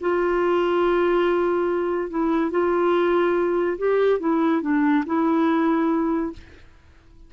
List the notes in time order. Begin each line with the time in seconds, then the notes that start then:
0.00 F4
2.09 E4
2.50 F4
3.78 G4
4.19 E4
4.61 D4
5.06 E4